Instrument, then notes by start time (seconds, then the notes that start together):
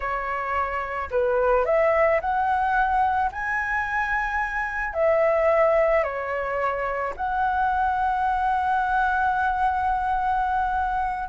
flute
0.00 C#5
1.10 B4
1.65 E5
2.20 F#5
3.32 G#5
4.93 E5
6.03 C#5
7.16 F#5